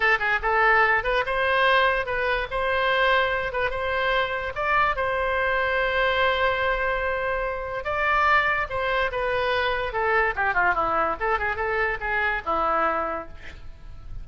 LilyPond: \new Staff \with { instrumentName = "oboe" } { \time 4/4 \tempo 4 = 145 a'8 gis'8 a'4. b'8 c''4~ | c''4 b'4 c''2~ | c''8 b'8 c''2 d''4 | c''1~ |
c''2. d''4~ | d''4 c''4 b'2 | a'4 g'8 f'8 e'4 a'8 gis'8 | a'4 gis'4 e'2 | }